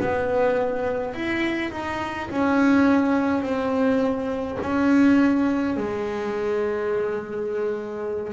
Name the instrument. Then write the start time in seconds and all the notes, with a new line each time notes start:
double bass
0.00 B3
1.14 E4
1.72 D#4
2.30 C#4
3.42 C4
4.62 C#4
5.77 G#3